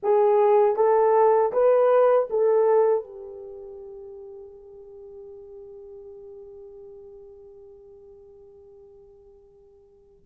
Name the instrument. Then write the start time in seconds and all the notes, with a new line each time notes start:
horn
0.02 G#4
0.76 A4
1.52 B4
2.30 A4
3.04 G4